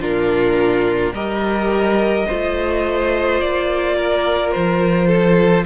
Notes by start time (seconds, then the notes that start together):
0.00 A#2 D4 F4 A#4
1.12 G3 G4 A#4 D#5
2.26 A3 F4 C5
3.40 A#3 D5
3.97 A#4
4.51 F3 C5
5.07 A4